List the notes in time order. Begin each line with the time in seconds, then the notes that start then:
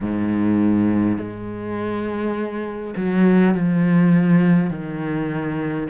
0.01 G#2
1.18 G#3
2.96 F#3
3.54 F3
4.70 D#3